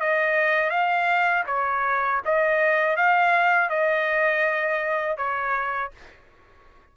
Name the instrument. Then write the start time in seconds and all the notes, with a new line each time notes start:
trumpet
0.00 D#5
0.70 F5
1.47 C#5
2.25 D#5
2.96 F5
3.69 D#5
5.17 C#5